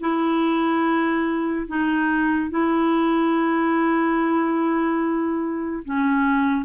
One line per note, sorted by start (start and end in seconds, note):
0.00 1.67 E4
1.67 2.50 D#4
2.50 5.83 E4
5.84 6.65 C#4